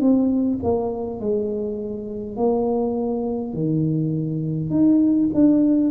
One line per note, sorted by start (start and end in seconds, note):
0.00 0.59 C4
0.63 1.20 A#3
1.20 2.36 G#3
2.36 3.53 A#3
3.53 4.70 D#3
4.70 5.29 D#4
5.34 5.90 D4